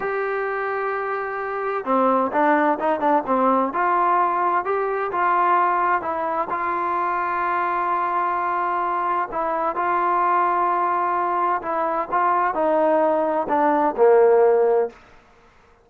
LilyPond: \new Staff \with { instrumentName = "trombone" } { \time 4/4 \tempo 4 = 129 g'1 | c'4 d'4 dis'8 d'8 c'4 | f'2 g'4 f'4~ | f'4 e'4 f'2~ |
f'1 | e'4 f'2.~ | f'4 e'4 f'4 dis'4~ | dis'4 d'4 ais2 | }